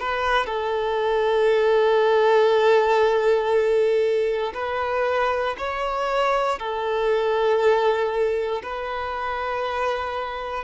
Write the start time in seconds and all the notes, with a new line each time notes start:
0.00 B4
0.46 A4
4.54 B4
5.58 C#5
6.59 A4
8.63 B4